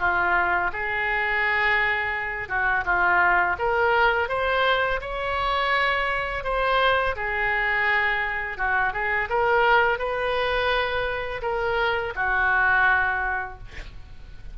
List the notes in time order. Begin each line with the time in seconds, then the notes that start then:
0.00 F4
0.73 G#4
2.49 F#4
2.85 F4
3.59 A#4
4.29 C5
5.02 C#5
6.44 C5
7.16 G#4
8.58 F#4
8.93 G#4
9.30 A#4
9.99 B4
11.42 A#4
12.16 F#4